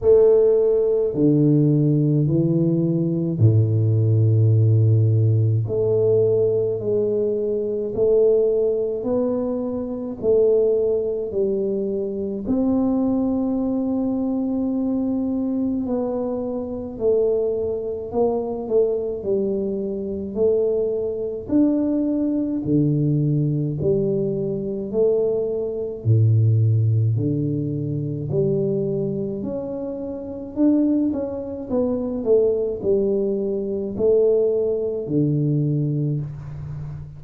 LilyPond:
\new Staff \with { instrumentName = "tuba" } { \time 4/4 \tempo 4 = 53 a4 d4 e4 a,4~ | a,4 a4 gis4 a4 | b4 a4 g4 c'4~ | c'2 b4 a4 |
ais8 a8 g4 a4 d'4 | d4 g4 a4 a,4 | d4 g4 cis'4 d'8 cis'8 | b8 a8 g4 a4 d4 | }